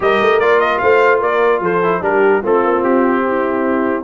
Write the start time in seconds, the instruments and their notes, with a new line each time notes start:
0.00 tuba G3, trombone G4, horn A#4, trumpet D#5
0.20 tuba A3
0.39 tuba A#3, trombone F4, trumpet D5
0.59 trumpet D#5
0.78 tuba A3, horn C5, trumpet F5
1.20 tuba A#3, horn A#4, trumpet D5
1.60 tuba F3, horn A4, trumpet C5
1.82 trombone E4
2.01 tuba G3, trombone D4, horn G4, trumpet A#4
2.42 tuba A3, trombone C4, horn F4, trumpet A4
2.63 tuba A#3
2.83 tuba C4, trumpet G4
3.27 horn E4